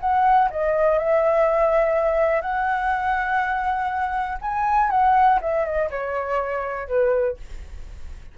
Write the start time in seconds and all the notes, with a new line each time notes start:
0.00 F#5
0.50 D#5
0.98 E5
2.41 F#5
4.41 G#5
4.90 F#5
5.41 E5
5.64 D#5
5.90 C#5
6.87 B4